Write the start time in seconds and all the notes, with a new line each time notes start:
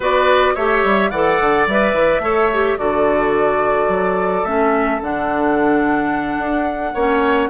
0.00 B3 F#4 B4 D5
0.54 A3 G4 C#5 E5
0.84 G3
1.10 E3 A4 D5 F#5
1.40 D3
1.66 G3 B4 E5
1.93 E3
2.19 A3 A4 C#5
2.53 G4
2.78 D3 F#4 A4 D5
3.87 F#3
4.44 A3 C#4 E5
5.01 D3 D4 F#5
6.37 D4
6.93 A#3 C#4 C#5